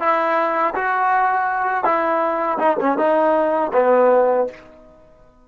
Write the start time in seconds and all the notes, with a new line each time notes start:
0.00 E4
0.74 F#4
1.84 E4
2.59 D#4
2.80 C#4
2.98 D#4
3.73 B3